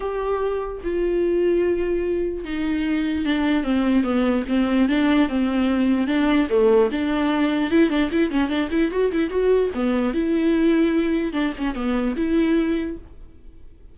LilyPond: \new Staff \with { instrumentName = "viola" } { \time 4/4 \tempo 4 = 148 g'2 f'2~ | f'2 dis'2 | d'4 c'4 b4 c'4 | d'4 c'2 d'4 |
a4 d'2 e'8 d'8 | e'8 cis'8 d'8 e'8 fis'8 e'8 fis'4 | b4 e'2. | d'8 cis'8 b4 e'2 | }